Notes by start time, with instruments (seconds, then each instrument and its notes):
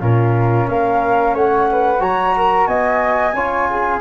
0.00 tuba A#2, trombone C#4, flute F4 A#4
0.68 tuba A#3, flute A#4 F5
1.34 tuba A3, flute C#5 F#5
1.72 flute B4
2.00 tuba F#3, trombone F#4, flute C#5 A#5
2.37 flute A#4
2.67 tuba B3, flute D#5 G#5
3.33 tuba C#4, trombone F4, flute C#5
3.70 flute G#4